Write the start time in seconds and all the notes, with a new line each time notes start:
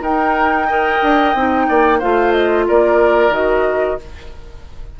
0.00 D#4 A#4 G5
0.67 A#4 D#5
1.02 D4
1.34 C4 D#4
1.68 A#3 D5
1.98 A3 F4 C5 F5
2.31 D#5
2.67 A#3 A#4 D5
3.29 D#3 F#4 D#5